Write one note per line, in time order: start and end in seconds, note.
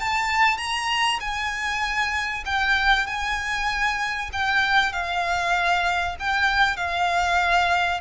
0.00 0.58 A5
0.58 1.19 A#5
1.20 2.44 G#5
2.46 3.07 G5
3.07 4.30 G#5
4.33 4.93 G5
4.93 6.16 F5
6.20 6.77 G5
6.77 8.01 F5